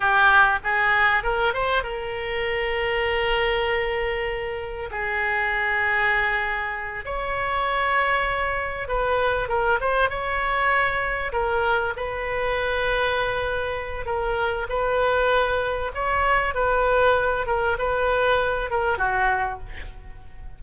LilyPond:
\new Staff \with { instrumentName = "oboe" } { \time 4/4 \tempo 4 = 98 g'4 gis'4 ais'8 c''8 ais'4~ | ais'1 | gis'2.~ gis'8 cis''8~ | cis''2~ cis''8 b'4 ais'8 |
c''8 cis''2 ais'4 b'8~ | b'2. ais'4 | b'2 cis''4 b'4~ | b'8 ais'8 b'4. ais'8 fis'4 | }